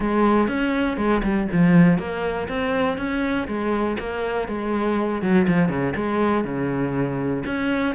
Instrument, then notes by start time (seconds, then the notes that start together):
cello
0.00 G#3
0.48 C#4
0.97 G#3
1.23 G3
1.52 F3
1.98 A#3
2.48 C4
2.97 C#4
3.47 G#3
3.99 A#3
4.48 G#3
5.22 F#3
5.47 F3
5.69 C#3
5.95 G#3
6.44 C#3
7.45 C#4